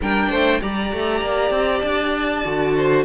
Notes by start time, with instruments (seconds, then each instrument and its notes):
0.01 cello G3, viola D4, violin A#4 G5
0.29 cello A3, violin C5
0.60 cello G3, viola G4, violin D5 A#5
0.92 cello A3
1.21 cello A#3
1.50 cello C4
1.80 cello D4, violin A5
2.45 cello D3, viola F#4
2.76 violin C5